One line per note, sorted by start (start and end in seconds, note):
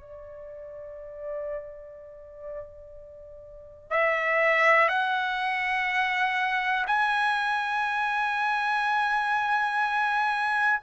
0.00 3.90 D5
3.90 4.88 E5
4.88 6.85 F#5
6.87 10.80 G#5